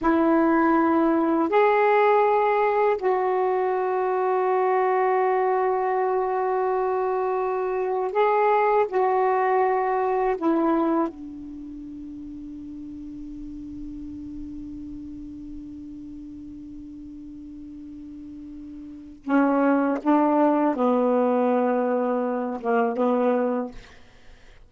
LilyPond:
\new Staff \with { instrumentName = "saxophone" } { \time 4/4 \tempo 4 = 81 e'2 gis'2 | fis'1~ | fis'2. gis'4 | fis'2 e'4 d'4~ |
d'1~ | d'1~ | d'2 cis'4 d'4 | b2~ b8 ais8 b4 | }